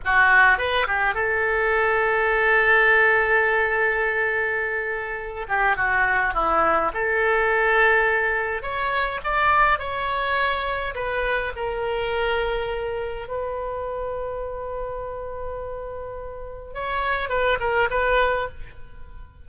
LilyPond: \new Staff \with { instrumentName = "oboe" } { \time 4/4 \tempo 4 = 104 fis'4 b'8 g'8 a'2~ | a'1~ | a'4. g'8 fis'4 e'4 | a'2. cis''4 |
d''4 cis''2 b'4 | ais'2. b'4~ | b'1~ | b'4 cis''4 b'8 ais'8 b'4 | }